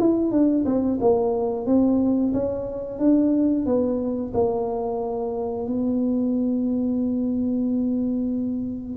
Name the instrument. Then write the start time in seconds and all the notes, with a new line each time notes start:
tuba
0.00 E4
0.32 D4
0.66 C4
1.01 A#3
1.67 C4
2.34 C#4
2.99 D4
3.66 B3
4.34 A#3
5.68 B3